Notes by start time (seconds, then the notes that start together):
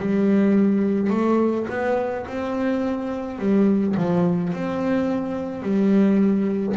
0.00 G3
1.11 A3
1.70 B3
2.27 C4
3.39 G3
3.97 F3
4.53 C4
5.63 G3